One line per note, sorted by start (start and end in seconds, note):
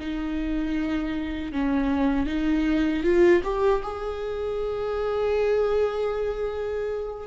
0.00 1.53 D#4
1.53 2.27 C#4
2.27 3.04 D#4
3.04 3.42 F4
3.44 3.83 G4
3.83 7.28 G#4